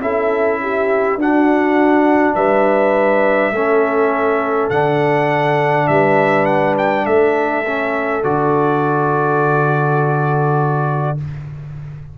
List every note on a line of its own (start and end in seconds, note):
0.00 1.16 C#4
0.00 1.19 E4
0.00 0.61 A4
0.00 1.19 E5
0.62 1.20 G4
1.16 2.34 D4
1.16 3.54 D4
1.16 2.35 F#4
1.16 2.35 F#5
2.35 3.51 G3
2.35 3.52 B4
2.35 4.70 E5
3.51 4.69 A3
3.51 4.71 C#4
3.51 5.87 A4
4.70 5.88 D3
4.70 7.65 D4
4.70 5.87 F#5
5.87 7.06 G3
5.87 7.06 B4
5.87 6.45 E5
6.45 6.75 F#5
6.78 7.06 G5
7.06 8.24 A3
7.06 11.18 A4
7.06 8.24 E5
7.67 8.23 C#4
8.23 11.18 D3
8.23 11.17 F#4
8.23 11.18 D5